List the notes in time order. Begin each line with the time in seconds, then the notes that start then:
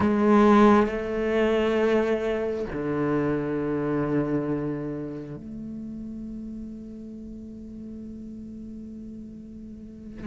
0.00 G#3
0.86 A3
2.72 D3
5.36 A3